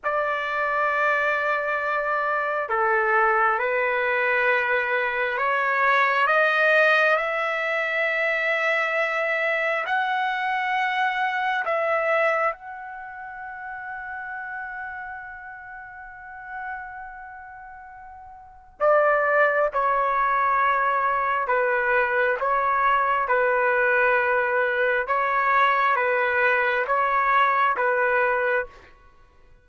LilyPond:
\new Staff \with { instrumentName = "trumpet" } { \time 4/4 \tempo 4 = 67 d''2. a'4 | b'2 cis''4 dis''4 | e''2. fis''4~ | fis''4 e''4 fis''2~ |
fis''1~ | fis''4 d''4 cis''2 | b'4 cis''4 b'2 | cis''4 b'4 cis''4 b'4 | }